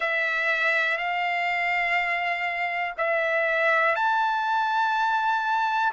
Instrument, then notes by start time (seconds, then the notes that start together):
trumpet
0.00 E5
0.97 F5
2.97 E5
3.95 A5